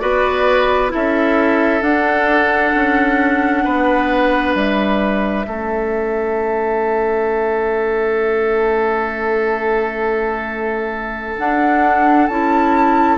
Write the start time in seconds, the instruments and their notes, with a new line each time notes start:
0.00 bassoon B3, clarinet F#4, oboe B4, flute D5
0.90 bassoon C#4, clarinet E4, oboe A4, flute E5
1.82 bassoon D4, clarinet D4, flute F#5
2.75 bassoon C#4
3.64 bassoon B3, oboe B4
4.54 bassoon G3, flute E5
5.46 bassoon A3, clarinet C#4, oboe A4
11.38 bassoon D4, clarinet D4, flute F#5
12.27 bassoon C#4, clarinet E4, flute A5